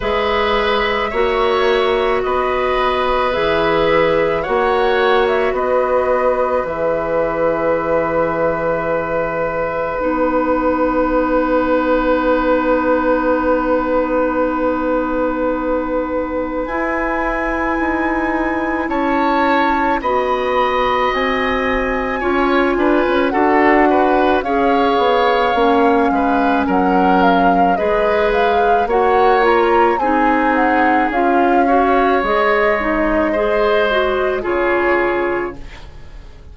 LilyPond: <<
  \new Staff \with { instrumentName = "flute" } { \time 4/4 \tempo 4 = 54 e''2 dis''4 e''4 | fis''8. e''16 dis''4 e''2~ | e''4 fis''2.~ | fis''2. gis''4~ |
gis''4 a''4 b''4 gis''4~ | gis''4 fis''4 f''2 | fis''8 f''8 dis''8 f''8 fis''8 ais''8 gis''8 fis''8 | f''4 dis''2 cis''4 | }
  \new Staff \with { instrumentName = "oboe" } { \time 4/4 b'4 cis''4 b'2 | cis''4 b'2.~ | b'1~ | b'1~ |
b'4 cis''4 dis''2 | cis''8 b'8 a'8 b'8 cis''4. b'8 | ais'4 b'4 cis''4 gis'4~ | gis'8 cis''4. c''4 gis'4 | }
  \new Staff \with { instrumentName = "clarinet" } { \time 4/4 gis'4 fis'2 gis'4 | fis'2 gis'2~ | gis'4 dis'2.~ | dis'2. e'4~ |
e'2 fis'2 | f'4 fis'4 gis'4 cis'4~ | cis'4 gis'4 fis'8 f'8 dis'4 | f'8 fis'8 gis'8 dis'8 gis'8 fis'8 f'4 | }
  \new Staff \with { instrumentName = "bassoon" } { \time 4/4 gis4 ais4 b4 e4 | ais4 b4 e2~ | e4 b2.~ | b2. e'4 |
dis'4 cis'4 b4 c'4 | cis'8 d'16 cis'16 d'4 cis'8 b8 ais8 gis8 | fis4 gis4 ais4 c'4 | cis'4 gis2 cis4 | }
>>